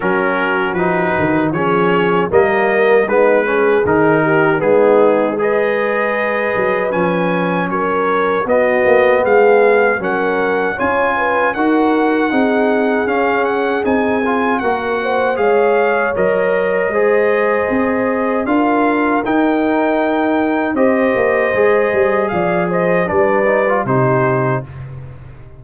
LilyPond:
<<
  \new Staff \with { instrumentName = "trumpet" } { \time 4/4 \tempo 4 = 78 ais'4 b'4 cis''4 dis''4 | b'4 ais'4 gis'4 dis''4~ | dis''4 gis''4 cis''4 dis''4 | f''4 fis''4 gis''4 fis''4~ |
fis''4 f''8 fis''8 gis''4 fis''4 | f''4 dis''2. | f''4 g''2 dis''4~ | dis''4 f''8 dis''8 d''4 c''4 | }
  \new Staff \with { instrumentName = "horn" } { \time 4/4 fis'2 gis'4 ais'4 | dis'8 gis'4 g'8 dis'4 b'4~ | b'2 ais'4 fis'4 | gis'4 ais'4 cis''8 b'8 ais'4 |
gis'2. ais'8 c''8 | cis''2 c''2 | ais'2. c''4~ | c''4 d''8 c''8 b'4 g'4 | }
  \new Staff \with { instrumentName = "trombone" } { \time 4/4 cis'4 dis'4 cis'4 ais4 | b8 cis'8 dis'4 b4 gis'4~ | gis'4 cis'2 b4~ | b4 cis'4 f'4 fis'4 |
dis'4 cis'4 dis'8 f'8 fis'4 | gis'4 ais'4 gis'2 | f'4 dis'2 g'4 | gis'2 d'8 dis'16 f'16 dis'4 | }
  \new Staff \with { instrumentName = "tuba" } { \time 4/4 fis4 f8 dis8 f4 g4 | gis4 dis4 gis2~ | gis8 fis8 f4 fis4 b8 ais8 | gis4 fis4 cis'4 dis'4 |
c'4 cis'4 c'4 ais4 | gis4 fis4 gis4 c'4 | d'4 dis'2 c'8 ais8 | gis8 g8 f4 g4 c4 | }
>>